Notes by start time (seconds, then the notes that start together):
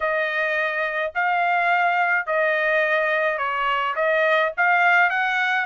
0.00 D#5
1.14 F5
2.26 D#5
3.38 C#5
3.95 D#5
4.57 F5
5.09 F#5